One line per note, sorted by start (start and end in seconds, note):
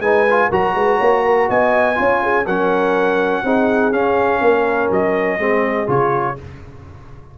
0.00 0.49 G#3
0.00 0.27 D#4
0.00 0.49 B4
0.00 0.50 G#5
0.30 0.52 F4
0.49 0.75 F#3
0.49 1.95 F#4
0.49 0.74 A#4
0.49 1.50 A#5
0.75 0.99 G#3
0.75 0.97 B4
0.97 1.49 A#3
0.97 1.21 C#5
1.25 1.49 A#4
1.49 1.99 B3
1.49 1.98 D#5
1.49 2.47 G#5
1.95 2.46 C#4
1.95 2.44 F4
1.95 2.23 C#5
2.23 2.46 G#4
2.46 3.43 F#3
2.46 3.45 C#4
2.46 3.43 A#4
2.46 3.93 F#5
3.44 3.92 C4
3.44 3.93 D#4
3.44 4.41 G#4
3.92 4.41 C#4
3.92 5.39 C#4
3.92 4.90 F5
4.41 4.90 A#3
4.41 5.39 A#4
4.90 5.39 F#3
4.90 5.90 D#5
5.39 5.88 G#3
5.39 5.87 C4
5.39 6.37 G#4
5.87 6.37 C#3
5.87 6.36 F4
5.87 6.38 C#5